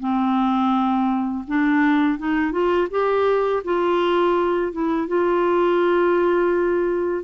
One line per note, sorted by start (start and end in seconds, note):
0.00 1.45 C4
1.47 2.19 D4
2.19 2.52 D#4
2.52 2.88 F4
2.90 3.63 G4
3.64 4.72 F4
4.72 5.08 E4
5.08 7.24 F4